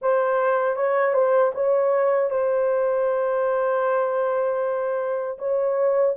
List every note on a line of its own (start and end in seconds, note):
0.01 0.76 C5
0.76 1.13 C#5
1.13 1.52 C5
1.54 2.30 C#5
2.30 5.37 C5
5.38 6.15 C#5